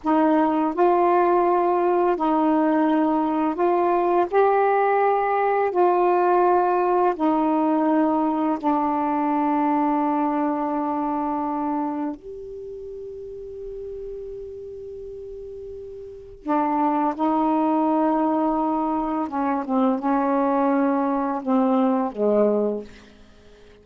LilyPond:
\new Staff \with { instrumentName = "saxophone" } { \time 4/4 \tempo 4 = 84 dis'4 f'2 dis'4~ | dis'4 f'4 g'2 | f'2 dis'2 | d'1~ |
d'4 g'2.~ | g'2. d'4 | dis'2. cis'8 c'8 | cis'2 c'4 gis4 | }